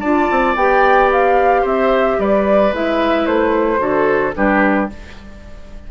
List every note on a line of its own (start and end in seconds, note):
0.00 0.29 D4
0.00 0.57 F4
0.00 1.62 D5
0.00 0.54 A5
0.31 0.56 C4
0.56 1.64 B3
0.56 2.73 G4
0.56 1.10 G5
1.12 1.66 F5
1.62 2.18 C4
1.62 2.16 C5
1.62 2.19 E5
2.18 2.72 G3
2.18 3.81 B4
2.18 2.74 D5
2.72 3.26 G#3
2.72 3.78 E4
2.72 3.26 E5
3.26 3.80 A3
3.26 4.34 C5
3.78 4.34 D3
3.78 4.32 F#4
3.78 4.35 A4
4.35 4.91 G3
4.35 4.89 D4
4.35 4.91 G4
4.35 4.90 B4